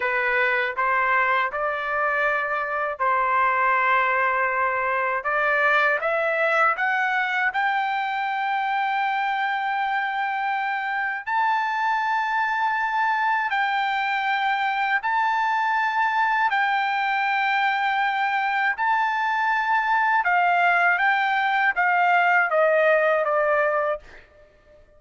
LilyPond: \new Staff \with { instrumentName = "trumpet" } { \time 4/4 \tempo 4 = 80 b'4 c''4 d''2 | c''2. d''4 | e''4 fis''4 g''2~ | g''2. a''4~ |
a''2 g''2 | a''2 g''2~ | g''4 a''2 f''4 | g''4 f''4 dis''4 d''4 | }